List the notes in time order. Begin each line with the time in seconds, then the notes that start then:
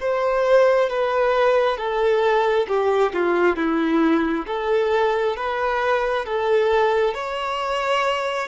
0.00 C5
0.90 B4
1.77 A4
2.68 G4
3.13 F4
3.56 E4
4.47 A4
5.36 B4
6.25 A4
7.14 C#5